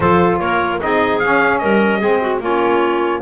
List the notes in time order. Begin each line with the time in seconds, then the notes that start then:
0.00 F3 F4 A4 C5
0.39 A#3 A#4 C#5
0.80 C4 D#4 G#4 D#5
1.19 C#4 F5
1.58 G3 A#4 D#5
1.99 G#3 C4 G#4
2.20 F#4
2.40 A#3 C#4 F4 C#5